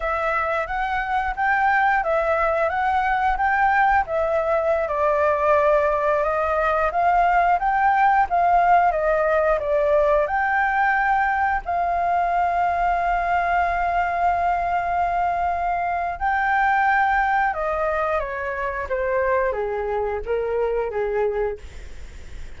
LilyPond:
\new Staff \with { instrumentName = "flute" } { \time 4/4 \tempo 4 = 89 e''4 fis''4 g''4 e''4 | fis''4 g''4 e''4~ e''16 d''8.~ | d''4~ d''16 dis''4 f''4 g''8.~ | g''16 f''4 dis''4 d''4 g''8.~ |
g''4~ g''16 f''2~ f''8.~ | f''1 | g''2 dis''4 cis''4 | c''4 gis'4 ais'4 gis'4 | }